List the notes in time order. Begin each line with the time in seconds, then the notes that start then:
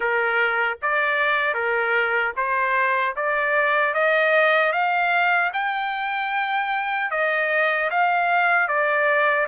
0.00 A#4
0.82 D5
1.54 A#4
2.36 C5
3.16 D5
3.94 D#5
4.72 F5
5.53 G5
7.11 D#5
7.90 F5
8.68 D5